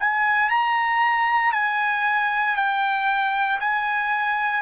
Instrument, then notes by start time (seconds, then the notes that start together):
trumpet
0.00 G#5
0.50 A#5
1.52 G#5
2.56 G5
3.60 G#5